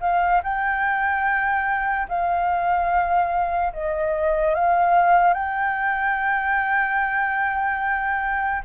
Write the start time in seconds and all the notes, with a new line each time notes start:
0.00 F5
0.43 G5
2.08 F5
3.73 D#5
4.54 F5
5.33 G5